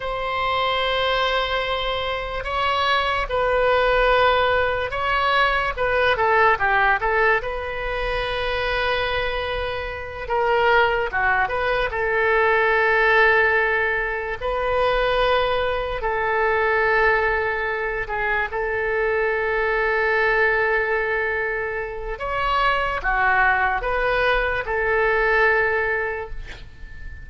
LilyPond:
\new Staff \with { instrumentName = "oboe" } { \time 4/4 \tempo 4 = 73 c''2. cis''4 | b'2 cis''4 b'8 a'8 | g'8 a'8 b'2.~ | b'8 ais'4 fis'8 b'8 a'4.~ |
a'4. b'2 a'8~ | a'2 gis'8 a'4.~ | a'2. cis''4 | fis'4 b'4 a'2 | }